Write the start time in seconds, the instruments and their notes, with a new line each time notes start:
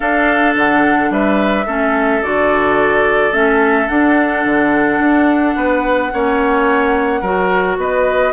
0.00 clarinet D4, bassoon D4, oboe A4, flute F5
0.56 bassoon D3, flute F#5
1.10 bassoon G3, oboe B4, flute E5
1.66 bassoon A3, clarinet C#4, oboe A4
2.22 bassoon D3, clarinet F#4, flute D5
3.31 bassoon A3, clarinet C#4, flute E5
3.88 clarinet D4, bassoon D4, flute F#5
4.45 bassoon D3
4.99 bassoon D4
5.55 bassoon B3, oboe B4
6.13 bassoon A#3, clarinet C#4, oboe C#5
7.20 bassoon F#3, clarinet F#4, oboe A#4
7.77 bassoon B3, oboe B4, flute D#5